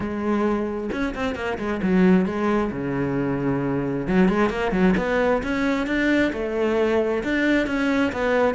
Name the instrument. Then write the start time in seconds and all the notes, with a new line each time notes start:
cello
0.00 G#3
0.91 C#4
1.14 C4
1.35 A#3
1.58 G#3
1.82 F#3
2.25 G#3
2.71 C#3
4.07 F#3
4.28 G#3
4.49 A#3
4.71 F#3
4.97 B3
5.43 C#4
5.86 D4
6.32 A3
7.23 D4
7.67 C#4
8.12 B3